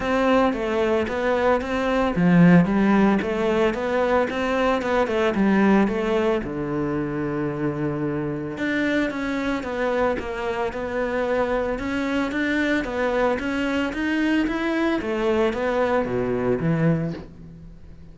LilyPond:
\new Staff \with { instrumentName = "cello" } { \time 4/4 \tempo 4 = 112 c'4 a4 b4 c'4 | f4 g4 a4 b4 | c'4 b8 a8 g4 a4 | d1 |
d'4 cis'4 b4 ais4 | b2 cis'4 d'4 | b4 cis'4 dis'4 e'4 | a4 b4 b,4 e4 | }